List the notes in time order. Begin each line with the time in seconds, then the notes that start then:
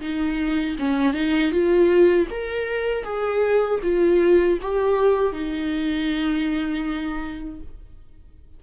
0.00 D#4
0.79 C#4
1.13 D#4
1.51 F4
2.30 A#4
3.03 G#4
3.83 F4
4.62 G4
5.32 D#4